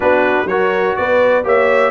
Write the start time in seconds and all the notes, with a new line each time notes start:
0.00 B3 D4 F#4 B4
0.44 F#3 F#4 A#4 C#5
0.96 B3 B4 D5
1.44 A#3 G4 C#5 E5